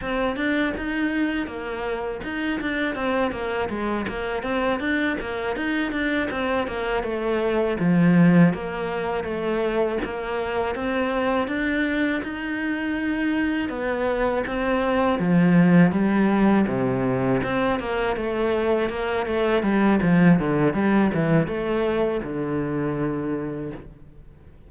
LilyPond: \new Staff \with { instrumentName = "cello" } { \time 4/4 \tempo 4 = 81 c'8 d'8 dis'4 ais4 dis'8 d'8 | c'8 ais8 gis8 ais8 c'8 d'8 ais8 dis'8 | d'8 c'8 ais8 a4 f4 ais8~ | ais8 a4 ais4 c'4 d'8~ |
d'8 dis'2 b4 c'8~ | c'8 f4 g4 c4 c'8 | ais8 a4 ais8 a8 g8 f8 d8 | g8 e8 a4 d2 | }